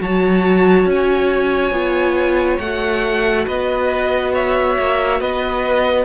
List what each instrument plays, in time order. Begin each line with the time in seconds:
0.00 cello F#3, viola F#4, violin C#5 A5
0.86 cello C#4, violin G#5
1.72 cello B3, viola F4
2.59 cello A3, viola F#4, violin F#5
3.45 cello B3, violin B4 D#5
4.34 violin C#5 E5
4.79 cello A#3
5.21 cello B3, violin B4 D#5